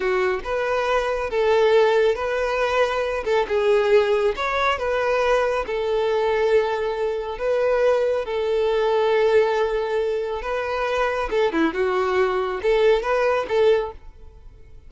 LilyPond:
\new Staff \with { instrumentName = "violin" } { \time 4/4 \tempo 4 = 138 fis'4 b'2 a'4~ | a'4 b'2~ b'8 a'8 | gis'2 cis''4 b'4~ | b'4 a'2.~ |
a'4 b'2 a'4~ | a'1 | b'2 a'8 e'8 fis'4~ | fis'4 a'4 b'4 a'4 | }